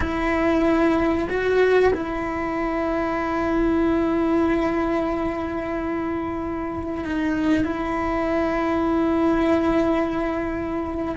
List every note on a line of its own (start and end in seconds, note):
0.00 1.28 E4
1.29 1.93 F#4
1.94 7.04 E4
7.04 7.64 D#4
7.64 11.15 E4